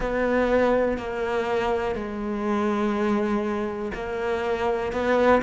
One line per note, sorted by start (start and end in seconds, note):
0.00 0.97 B3
0.97 1.95 A#3
1.95 3.92 G#3
3.93 4.92 A#3
4.92 5.41 B3